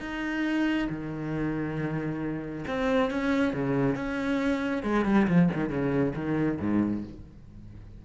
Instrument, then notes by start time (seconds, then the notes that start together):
cello
0.00 D#4
0.90 D#3
2.67 C4
3.11 C#4
3.53 C#3
3.95 C#4
4.83 G#3
5.05 G3
5.27 F3
5.53 D#3
5.69 C#3
6.15 D#3
6.60 G#2